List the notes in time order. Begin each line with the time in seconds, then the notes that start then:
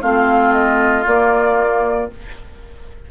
0.00 A3 C4 F4 F5
0.52 D#5
1.05 A#3 D5